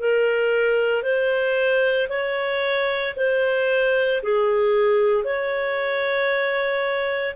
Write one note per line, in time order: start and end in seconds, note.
0.00 1.03 A#4
1.03 2.08 C5
2.09 3.14 C#5
3.16 4.22 C5
4.22 5.24 G#4
5.24 7.35 C#5